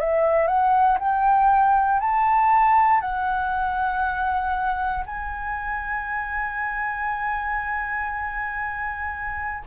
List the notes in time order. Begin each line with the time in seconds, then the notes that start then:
0.00 E5
0.48 F#5
1.00 G5
2.01 A5
3.01 F#5
5.07 G#5